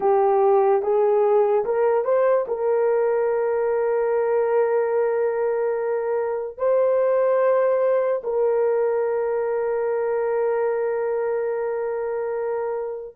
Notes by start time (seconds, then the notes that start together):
0.00 G4
0.82 G#4
1.64 A#4
2.04 C5
2.47 A#4
6.58 C5
8.23 A#4